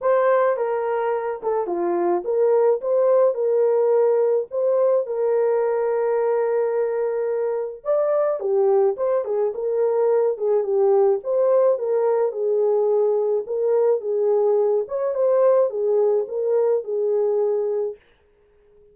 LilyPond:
\new Staff \with { instrumentName = "horn" } { \time 4/4 \tempo 4 = 107 c''4 ais'4. a'8 f'4 | ais'4 c''4 ais'2 | c''4 ais'2.~ | ais'2 d''4 g'4 |
c''8 gis'8 ais'4. gis'8 g'4 | c''4 ais'4 gis'2 | ais'4 gis'4. cis''8 c''4 | gis'4 ais'4 gis'2 | }